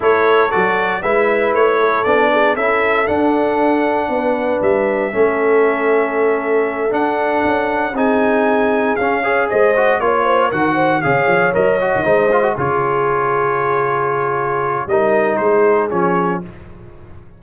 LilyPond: <<
  \new Staff \with { instrumentName = "trumpet" } { \time 4/4 \tempo 4 = 117 cis''4 d''4 e''4 cis''4 | d''4 e''4 fis''2~ | fis''4 e''2.~ | e''4. fis''2 gis''8~ |
gis''4. f''4 dis''4 cis''8~ | cis''8 fis''4 f''4 dis''4.~ | dis''8 cis''2.~ cis''8~ | cis''4 dis''4 c''4 cis''4 | }
  \new Staff \with { instrumentName = "horn" } { \time 4/4 a'2 b'4. a'8~ | a'8 gis'8 a'2. | b'2 a'2~ | a'2.~ a'8 gis'8~ |
gis'2 cis''8 c''4 cis''8 | c''8 ais'8 c''8 cis''2 c''8~ | c''8 gis'2.~ gis'8~ | gis'4 ais'4 gis'2 | }
  \new Staff \with { instrumentName = "trombone" } { \time 4/4 e'4 fis'4 e'2 | d'4 e'4 d'2~ | d'2 cis'2~ | cis'4. d'2 dis'8~ |
dis'4. cis'8 gis'4 fis'8 f'8~ | f'8 fis'4 gis'4 ais'8 fis'8 dis'8 | f'16 fis'16 f'2.~ f'8~ | f'4 dis'2 cis'4 | }
  \new Staff \with { instrumentName = "tuba" } { \time 4/4 a4 fis4 gis4 a4 | b4 cis'4 d'2 | b4 g4 a2~ | a4. d'4 cis'4 c'8~ |
c'4. cis'4 gis4 ais8~ | ais8 dis4 cis8 f8 fis8. dis16 gis8~ | gis8 cis2.~ cis8~ | cis4 g4 gis4 f4 | }
>>